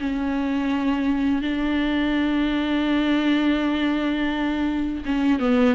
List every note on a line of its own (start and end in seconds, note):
0.00 1.42 C#4
1.42 5.03 D4
5.06 5.40 C#4
5.40 5.75 B3